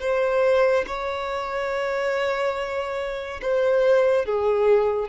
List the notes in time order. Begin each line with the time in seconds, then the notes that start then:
0.00 C5
0.87 C#5
3.41 C5
4.25 G#4